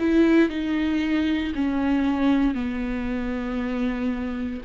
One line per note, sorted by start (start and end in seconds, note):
0.00 0.49 E4
0.49 1.53 D#4
1.55 2.55 C#4
2.55 4.62 B3